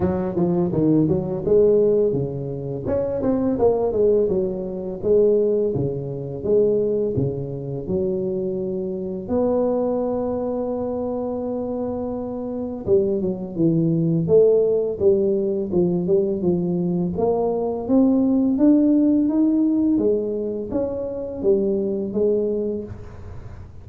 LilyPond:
\new Staff \with { instrumentName = "tuba" } { \time 4/4 \tempo 4 = 84 fis8 f8 dis8 fis8 gis4 cis4 | cis'8 c'8 ais8 gis8 fis4 gis4 | cis4 gis4 cis4 fis4~ | fis4 b2.~ |
b2 g8 fis8 e4 | a4 g4 f8 g8 f4 | ais4 c'4 d'4 dis'4 | gis4 cis'4 g4 gis4 | }